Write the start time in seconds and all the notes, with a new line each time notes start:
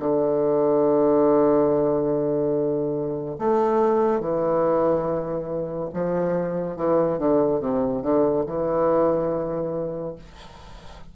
0.00 D3
3.39 A3
4.21 E3
5.94 F3
6.77 E3
7.18 D3
7.61 C3
8.03 D3
8.47 E3